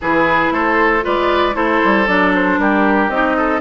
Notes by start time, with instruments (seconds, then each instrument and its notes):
0.01 bassoon E3, clarinet E4, oboe G#4, flute B4
0.50 bassoon A3, oboe A4, flute C5
1.01 bassoon G#3, clarinet F4, oboe B4, flute D5
1.53 bassoon A3, clarinet E4, oboe A4, flute C5
1.84 bassoon G3
2.06 bassoon F#3, clarinet D4, flute D5
2.34 flute C5
2.58 bassoon G3, oboe G4, flute A#4
3.09 bassoon C4, clarinet D#4, flute D#5
3.36 oboe A4